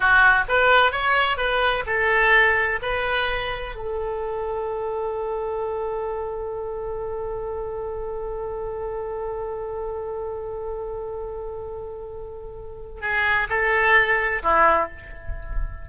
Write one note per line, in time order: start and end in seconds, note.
0.00 0.44 F#4
0.48 0.92 B4
0.92 1.37 C#5
1.37 1.84 B4
1.86 2.79 A4
2.82 3.75 B4
3.75 13.01 A4
13.01 13.47 G#4
13.49 14.42 A4
14.42 14.89 E4